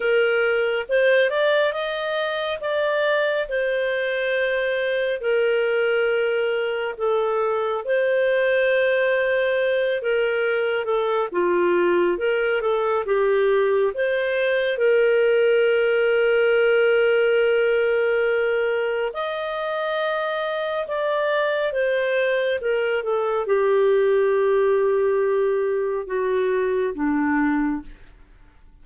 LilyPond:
\new Staff \with { instrumentName = "clarinet" } { \time 4/4 \tempo 4 = 69 ais'4 c''8 d''8 dis''4 d''4 | c''2 ais'2 | a'4 c''2~ c''8 ais'8~ | ais'8 a'8 f'4 ais'8 a'8 g'4 |
c''4 ais'2.~ | ais'2 dis''2 | d''4 c''4 ais'8 a'8 g'4~ | g'2 fis'4 d'4 | }